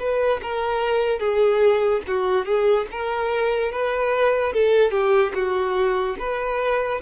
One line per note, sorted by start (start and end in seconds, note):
0.00 0.41 B4
0.43 1.20 A#4
1.20 2.02 G#4
2.08 2.46 F#4
2.46 2.87 G#4
2.92 3.72 A#4
3.72 4.54 B4
4.54 4.92 A4
4.92 5.33 G4
5.35 6.17 F#4
6.19 7.02 B4